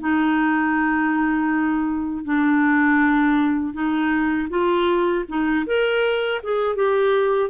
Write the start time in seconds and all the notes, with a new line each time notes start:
0.00 D#4
2.25 D4
3.74 D#4
4.50 F4
5.29 D#4
5.67 A#4
6.43 G#4
6.76 G4